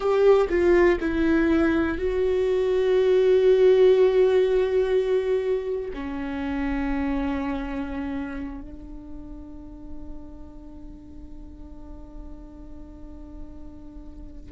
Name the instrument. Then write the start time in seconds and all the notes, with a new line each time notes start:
viola
0.00 G4
0.49 F4
1.00 E4
1.98 F#4
5.93 C#4
8.61 D4